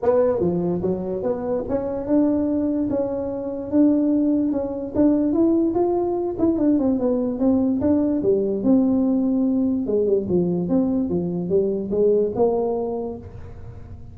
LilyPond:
\new Staff \with { instrumentName = "tuba" } { \time 4/4 \tempo 4 = 146 b4 f4 fis4 b4 | cis'4 d'2 cis'4~ | cis'4 d'2 cis'4 | d'4 e'4 f'4. e'8 |
d'8 c'8 b4 c'4 d'4 | g4 c'2. | gis8 g8 f4 c'4 f4 | g4 gis4 ais2 | }